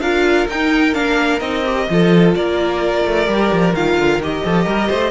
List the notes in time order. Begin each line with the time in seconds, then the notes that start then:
0.00 D4 F4 A#4 F5
0.48 D#4 G5
0.93 A#3 D4 F5
1.39 C4 D#4 D#5
1.65 G4
1.89 F3 F4 A4
2.35 A#3 A#4 D5
3.05 A3
3.25 G3 G4
3.52 F3
3.73 D#3 F4 F5
3.97 D3
4.18 D#3 G4 D#5
4.43 F3 A4
4.65 G3 A#4
4.88 A3 C5